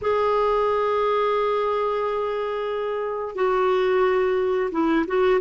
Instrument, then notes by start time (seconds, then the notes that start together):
clarinet
0.01 G#4
3.35 F#4
4.71 E4
5.07 F#4